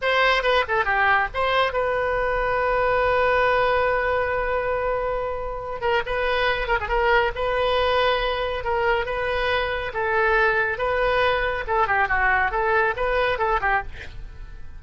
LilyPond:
\new Staff \with { instrumentName = "oboe" } { \time 4/4 \tempo 4 = 139 c''4 b'8 a'8 g'4 c''4 | b'1~ | b'1~ | b'4. ais'8 b'4. ais'16 gis'16 |
ais'4 b'2. | ais'4 b'2 a'4~ | a'4 b'2 a'8 g'8 | fis'4 a'4 b'4 a'8 g'8 | }